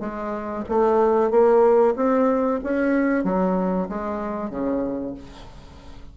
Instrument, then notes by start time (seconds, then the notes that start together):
bassoon
0.00 G#3
0.69 A3
1.30 A#3
1.96 C4
2.63 C#4
3.24 F#3
3.89 G#3
4.50 C#3